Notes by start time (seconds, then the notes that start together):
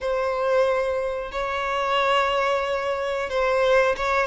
0.00 C5
1.31 C#5
3.29 C5
3.96 C#5